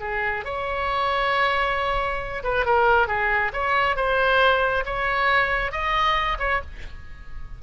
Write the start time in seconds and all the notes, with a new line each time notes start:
0.00 G#4
0.44 C#5
2.43 B4
2.65 A#4
3.07 G#4
3.53 C#5
3.96 C5
4.85 C#5
5.71 D#5
6.39 C#5